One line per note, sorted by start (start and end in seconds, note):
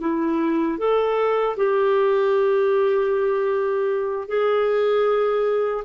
0.00 0.78 E4
0.78 1.56 A4
1.56 4.28 G4
4.28 5.83 G#4